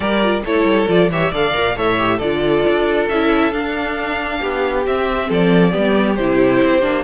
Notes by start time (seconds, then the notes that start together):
0.00 G3 G4 A#4 D5
0.22 F4
0.44 A3 E4 A4 C#5
0.64 G3
0.87 F3 F4 D5
1.09 E3 G4 C#5 E5
1.31 D3 A4 D5 F5
1.53 A#2 A#4
1.76 A2 A4 C#5 E5
1.98 G4
2.17 D3 F4 A4 D5
2.67 D4
3.08 C#4 E4 E5
3.52 D4 F5
4.39 B3 G4
4.86 C4 E5
5.28 F3 A4 D5
5.71 G3 B3 G4
6.16 C3 E4 C5
6.63 C4
6.81 A#3 D4